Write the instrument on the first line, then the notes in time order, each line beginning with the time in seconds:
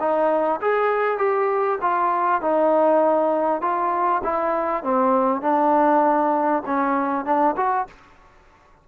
trombone
0.00 D#4
0.61 G#4
1.18 G4
1.82 F4
2.42 D#4
3.61 F4
4.24 E4
4.84 C4
5.42 D4
6.66 C#4
7.25 D4
7.57 F#4